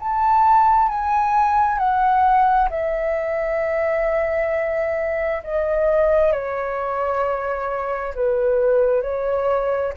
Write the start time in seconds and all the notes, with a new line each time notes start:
0.00 A5
0.89 G#5
1.79 F#5
2.70 E5
5.44 D#5
6.33 C#5
8.15 B4
9.02 C#5